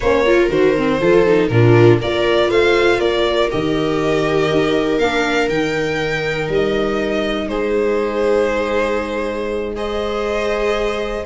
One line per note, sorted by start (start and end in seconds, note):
0.00 0.49 A#3
0.00 0.26 C#4
0.00 0.22 C5
0.00 0.47 C#5
0.25 0.49 F4
0.25 1.00 A#4
0.49 0.99 D#3
0.49 0.74 F#4
0.49 1.47 C5
0.77 1.01 C4
1.00 1.49 F3
1.00 1.26 F4
1.00 1.50 A4
1.26 1.51 D#4
1.47 1.99 A#2
1.47 2.01 D4
1.47 1.99 F4
1.47 1.97 A#4
1.99 2.49 A#3
1.99 3.50 F4
1.99 2.49 A#4
1.99 2.50 D5
2.49 2.99 A3
2.49 2.99 C5
2.49 3.00 F5
2.99 3.50 A#3
2.99 7.49 A#4
2.99 3.50 D5
3.50 4.51 D#3
3.50 5.00 G4
3.50 4.98 D#5
4.51 4.98 D#4
4.98 5.48 A#3
4.98 5.51 D4
4.98 5.48 F5
5.48 6.48 D#3
5.48 9.75 D#4
5.48 6.48 G5
6.48 7.48 G3
6.48 7.48 D#5
7.48 11.23 G#3
7.48 9.75 G#4
7.48 9.73 C5
9.75 11.25 G#4
9.75 11.25 C5
9.75 11.25 D#5